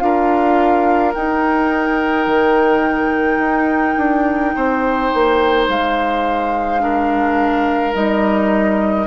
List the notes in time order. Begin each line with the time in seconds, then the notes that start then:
0.00 D4 F4 A#4 F5
1.14 D#4 G5
2.27 D#3
3.39 D#4
3.98 D4
4.56 C4 C5
5.14 A#3
5.69 G#3 F5
6.80 D4 A#4
7.94 G3 D#4 D#5